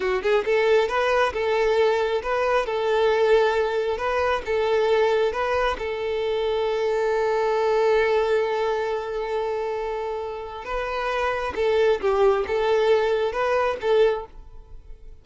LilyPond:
\new Staff \with { instrumentName = "violin" } { \time 4/4 \tempo 4 = 135 fis'8 gis'8 a'4 b'4 a'4~ | a'4 b'4 a'2~ | a'4 b'4 a'2 | b'4 a'2.~ |
a'1~ | a'1 | b'2 a'4 g'4 | a'2 b'4 a'4 | }